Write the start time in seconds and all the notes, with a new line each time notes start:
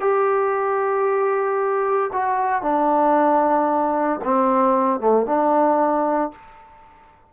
0.00 G4
2.12 F#4
2.62 D4
4.24 C4
5.00 A3
5.26 D4